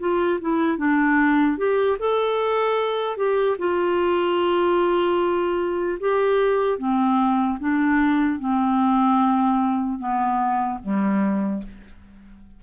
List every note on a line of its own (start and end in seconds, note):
0.00 0.40 F4
0.41 0.78 E4
0.78 1.58 D4
1.58 1.98 G4
1.99 3.17 A4
3.17 3.57 G4
3.59 5.99 F4
6.00 6.79 G4
6.79 7.59 C4
7.60 8.39 D4
8.39 9.99 C4
9.99 10.79 B3
10.83 11.63 G3